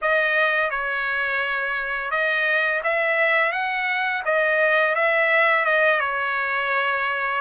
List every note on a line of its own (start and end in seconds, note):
0.01 0.70 D#5
0.70 2.10 C#5
2.10 2.81 D#5
2.83 3.52 E5
3.52 4.22 F#5
4.25 4.95 D#5
4.95 5.65 E5
5.65 6.00 D#5
6.00 7.41 C#5